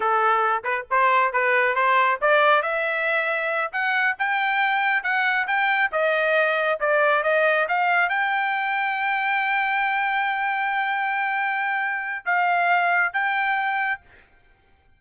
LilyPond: \new Staff \with { instrumentName = "trumpet" } { \time 4/4 \tempo 4 = 137 a'4. b'8 c''4 b'4 | c''4 d''4 e''2~ | e''8 fis''4 g''2 fis''8~ | fis''8 g''4 dis''2 d''8~ |
d''8 dis''4 f''4 g''4.~ | g''1~ | g''1 | f''2 g''2 | }